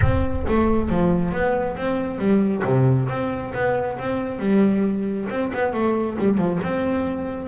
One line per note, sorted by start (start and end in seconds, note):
0.01 0.45 C4
0.47 0.89 A3
0.89 1.32 F3
1.32 1.76 B3
1.76 2.18 C4
2.18 2.62 G3
2.64 3.08 C3
3.08 3.53 C4
3.54 3.98 B3
3.98 4.39 C4
4.39 5.27 G3
5.29 5.51 C4
5.53 5.73 B3
5.73 6.17 A3
6.18 6.37 G3
6.37 6.59 F3
6.63 7.48 C4